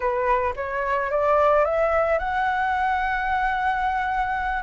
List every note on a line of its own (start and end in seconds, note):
0.00 0.53 B4
0.56 1.10 C#5
1.11 1.64 D5
1.64 2.18 E5
2.18 4.63 F#5